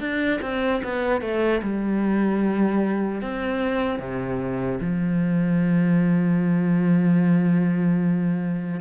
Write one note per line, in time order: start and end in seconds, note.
0.00 0.40 D4
0.42 0.82 C4
0.84 1.21 B3
1.21 1.61 A3
1.63 3.22 G3
3.22 3.99 C4
3.99 4.79 C3
4.81 8.81 F3